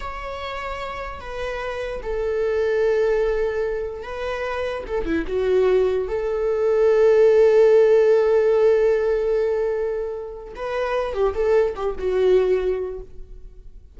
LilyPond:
\new Staff \with { instrumentName = "viola" } { \time 4/4 \tempo 4 = 148 cis''2. b'4~ | b'4 a'2.~ | a'2 b'2 | a'8 e'8 fis'2 a'4~ |
a'1~ | a'1~ | a'2 b'4. g'8 | a'4 g'8 fis'2~ fis'8 | }